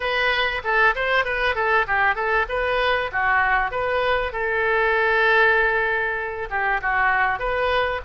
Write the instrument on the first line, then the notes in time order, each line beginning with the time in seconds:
oboe
0.00 B4
0.64 A4
0.95 C5
1.24 B4
1.55 A4
1.87 G4
2.15 A4
2.49 B4
3.12 F#4
3.71 B4
4.32 A4
6.49 G4
6.81 F#4
7.39 B4